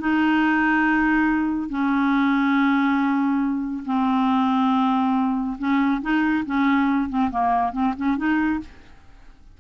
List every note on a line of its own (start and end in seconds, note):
0.00 1.69 D#4
1.69 3.84 C#4
3.86 5.57 C4
5.59 6.01 C#4
6.02 6.45 D#4
6.46 7.09 C#4
7.09 7.31 C4
7.31 7.72 A#3
7.72 7.94 C4
7.97 8.17 C#4
8.17 8.60 D#4